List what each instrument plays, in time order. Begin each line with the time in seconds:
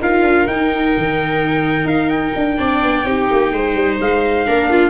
0.00 tuba D#4, viola F4 A#4, trumpet F5
0.22 tuba D4
0.47 tuba D#4, viola D#4, trumpet G5
0.98 tuba D#3
1.85 tuba D#4, trumpet F5
2.09 trumpet G5
2.35 tuba D4
2.57 tuba C4, viola D4 D5
2.83 tuba B3
3.05 tuba C4, viola D#4 G4
3.31 tuba A#3
3.52 tuba G#3, viola C5
3.75 tuba G3
4.00 tuba G#3, trumpet F5
4.46 tuba A#3, viola D4 A#4
4.70 viola F4